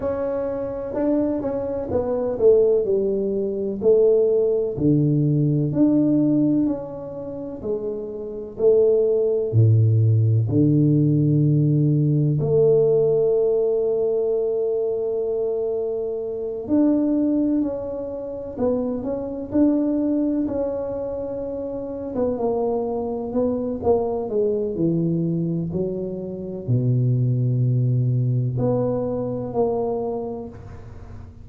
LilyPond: \new Staff \with { instrumentName = "tuba" } { \time 4/4 \tempo 4 = 63 cis'4 d'8 cis'8 b8 a8 g4 | a4 d4 d'4 cis'4 | gis4 a4 a,4 d4~ | d4 a2.~ |
a4. d'4 cis'4 b8 | cis'8 d'4 cis'4.~ cis'16 b16 ais8~ | ais8 b8 ais8 gis8 e4 fis4 | b,2 b4 ais4 | }